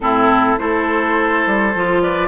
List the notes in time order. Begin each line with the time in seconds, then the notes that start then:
0.00 A2 C4 E4 A4
0.58 A3 E4 A4 C5
1.46 G3
1.74 F3 F4
2.02 B4 D5